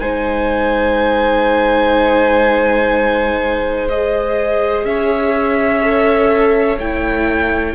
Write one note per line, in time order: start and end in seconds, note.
0.00 4.85 G#3
0.00 3.87 D#4
0.00 4.85 C5
0.00 3.88 G#5
3.89 5.82 G#4
3.89 4.85 D#5
4.85 6.78 C#4
4.85 7.75 C#5
4.85 6.79 E5
5.82 6.79 A4
6.78 7.74 A3
6.78 7.75 E4
6.78 7.75 G5